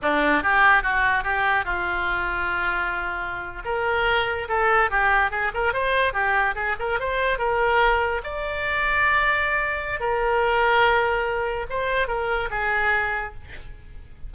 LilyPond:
\new Staff \with { instrumentName = "oboe" } { \time 4/4 \tempo 4 = 144 d'4 g'4 fis'4 g'4 | f'1~ | f'8. ais'2 a'4 g'16~ | g'8. gis'8 ais'8 c''4 g'4 gis'16~ |
gis'16 ais'8 c''4 ais'2 d''16~ | d''1 | ais'1 | c''4 ais'4 gis'2 | }